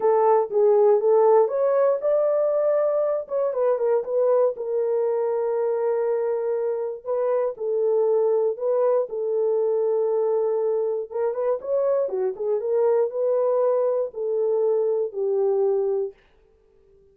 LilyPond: \new Staff \with { instrumentName = "horn" } { \time 4/4 \tempo 4 = 119 a'4 gis'4 a'4 cis''4 | d''2~ d''8 cis''8 b'8 ais'8 | b'4 ais'2.~ | ais'2 b'4 a'4~ |
a'4 b'4 a'2~ | a'2 ais'8 b'8 cis''4 | fis'8 gis'8 ais'4 b'2 | a'2 g'2 | }